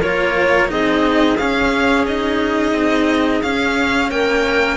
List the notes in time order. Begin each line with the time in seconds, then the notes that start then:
0.00 A#3 F4 A#4 C#5
0.68 C4 D#4 G#4 D#5
1.37 C#4 F5
2.07 D#4 D#5
2.73 C4
3.43 C#4 F5
4.11 A#3 A#4 G5